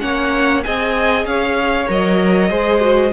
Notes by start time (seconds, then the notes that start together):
0.00 A#3 C#4 C#5 F#5
0.63 C4 G#4 D#5 G#5
1.25 C#4 C#5 F5
1.88 F#3 A#4 D#5
2.50 G#3 G#4 C5
2.80 F#4